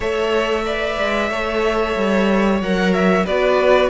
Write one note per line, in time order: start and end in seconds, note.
0.00 0.97 A3
0.00 0.64 A4
0.00 0.65 C#5
0.00 2.61 E5
0.64 1.29 B4
0.64 1.29 D5
0.98 1.30 G#3
1.29 1.95 A3
1.29 2.62 A4
1.29 3.25 C#5
1.96 2.60 G3
2.60 3.26 F#3
2.60 3.26 A#4
2.60 2.93 F#5
2.93 3.26 E5
3.25 3.89 B3
3.25 3.89 F#4
3.25 3.89 B4
3.25 3.89 D5